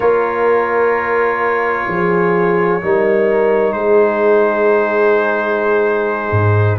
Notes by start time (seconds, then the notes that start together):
0.00 A#3 F4 A#4 C#5
1.87 F3 G#4
2.81 G3 D#4 A#4
3.72 G#3 G#4 C5
6.30 G#2